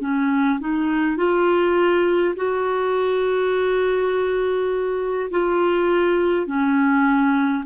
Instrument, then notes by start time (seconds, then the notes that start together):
clarinet
0.00 C#4
0.59 D#4
1.17 F4
2.35 F#4
5.30 F4
6.47 C#4